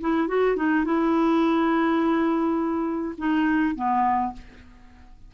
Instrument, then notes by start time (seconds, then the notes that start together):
clarinet
0.00 E4
0.27 F#4
0.56 D#4
0.84 E4
3.18 D#4
3.75 B3